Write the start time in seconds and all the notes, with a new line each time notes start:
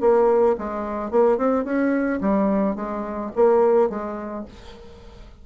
0.00 A#3
0.58 G#3
1.11 A#3
1.37 C4
1.64 C#4
2.21 G3
2.76 G#3
3.35 A#3
3.90 G#3